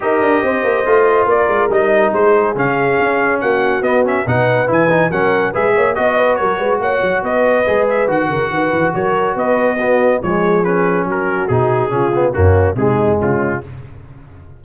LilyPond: <<
  \new Staff \with { instrumentName = "trumpet" } { \time 4/4 \tempo 4 = 141 dis''2. d''4 | dis''4 c''4 f''2 | fis''4 dis''8 e''8 fis''4 gis''4 | fis''4 e''4 dis''4 cis''4 |
fis''4 dis''4. e''8 fis''4~ | fis''4 cis''4 dis''2 | cis''4 b'4 ais'4 gis'4~ | gis'4 fis'4 gis'4 f'4 | }
  \new Staff \with { instrumentName = "horn" } { \time 4/4 ais'4 c''2 ais'4~ | ais'4 gis'2. | fis'2 b'2 | ais'4 b'8 cis''8 dis''8 b'8 ais'8 b'8 |
cis''4 b'2~ b'8 ais'8 | b'4 ais'4 b'4 fis'4 | gis'2 fis'2 | f'4 cis'4 dis'4 cis'4 | }
  \new Staff \with { instrumentName = "trombone" } { \time 4/4 g'2 f'2 | dis'2 cis'2~ | cis'4 b8 cis'8 dis'4 e'8 dis'8 | cis'4 gis'4 fis'2~ |
fis'2 gis'4 fis'4~ | fis'2. b4 | gis4 cis'2 dis'4 | cis'8 b8 ais4 gis2 | }
  \new Staff \with { instrumentName = "tuba" } { \time 4/4 dis'8 d'8 c'8 ais8 a4 ais8 gis8 | g4 gis4 cis4 cis'4 | ais4 b4 b,4 e4 | fis4 gis8 ais8 b4 fis8 gis8 |
ais8 fis8 b4 gis4 dis8 cis8 | dis8 e8 fis4 b2 | f2 fis4 b,4 | cis4 fis,4 c4 cis4 | }
>>